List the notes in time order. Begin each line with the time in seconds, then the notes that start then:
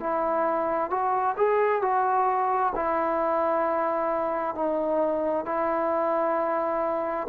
0.00 E4
0.90 F#4
1.37 G#4
1.82 F#4
2.76 E4
4.55 D#4
5.46 E4